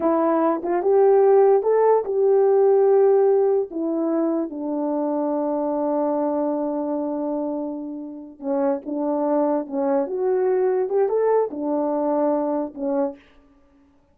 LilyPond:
\new Staff \with { instrumentName = "horn" } { \time 4/4 \tempo 4 = 146 e'4. f'8 g'2 | a'4 g'2.~ | g'4 e'2 d'4~ | d'1~ |
d'1~ | d'8 cis'4 d'2 cis'8~ | cis'8 fis'2 g'8 a'4 | d'2. cis'4 | }